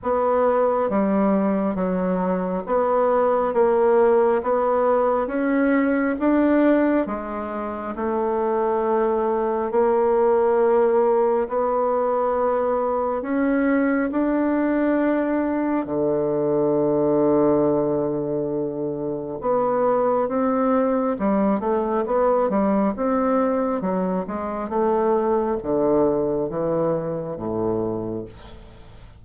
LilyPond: \new Staff \with { instrumentName = "bassoon" } { \time 4/4 \tempo 4 = 68 b4 g4 fis4 b4 | ais4 b4 cis'4 d'4 | gis4 a2 ais4~ | ais4 b2 cis'4 |
d'2 d2~ | d2 b4 c'4 | g8 a8 b8 g8 c'4 fis8 gis8 | a4 d4 e4 a,4 | }